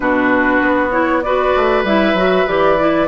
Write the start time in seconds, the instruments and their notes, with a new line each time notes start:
0.00 bassoon B2, clarinet D4, oboe F#4, flute B4
0.61 bassoon B3
0.90 clarinet E4, flute C#5
1.22 clarinet F#4, oboe B4, flute D5
1.56 bassoon A3
1.83 bassoon G3, clarinet E4, flute E5
2.13 bassoon F#3, clarinet F#4
2.47 bassoon E3, clarinet G4, flute D5
2.78 clarinet E4